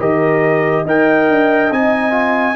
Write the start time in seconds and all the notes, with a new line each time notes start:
0.00 D#3 G4 A#4 D#5
0.85 D#4 A#4 D#5 G5
1.29 D4
1.71 C4 D#4 G#5
2.11 F4